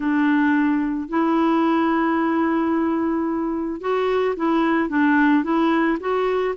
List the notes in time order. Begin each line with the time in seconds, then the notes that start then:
0.00 D4
1.09 E4
3.80 F#4
4.36 E4
4.89 D4
5.43 E4
6.00 F#4